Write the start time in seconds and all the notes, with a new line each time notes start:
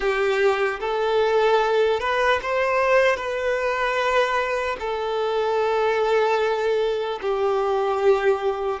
0.00 G4
0.80 A4
2.00 B4
2.42 C5
3.16 B4
4.79 A4
7.21 G4